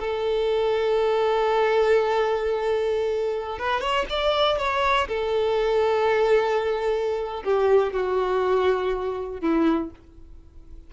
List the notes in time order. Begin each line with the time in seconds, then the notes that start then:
0.00 A4
3.59 B4
3.81 C#5
4.10 D5
4.58 C#5
5.08 A4
7.45 G4
7.93 F#4
9.41 E4